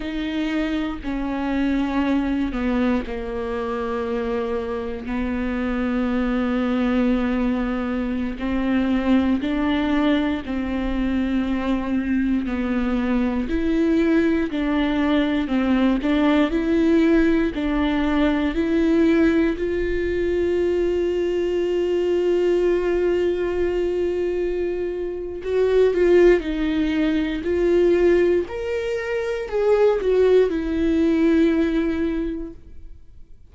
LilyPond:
\new Staff \with { instrumentName = "viola" } { \time 4/4 \tempo 4 = 59 dis'4 cis'4. b8 ais4~ | ais4 b2.~ | b16 c'4 d'4 c'4.~ c'16~ | c'16 b4 e'4 d'4 c'8 d'16~ |
d'16 e'4 d'4 e'4 f'8.~ | f'1~ | f'4 fis'8 f'8 dis'4 f'4 | ais'4 gis'8 fis'8 e'2 | }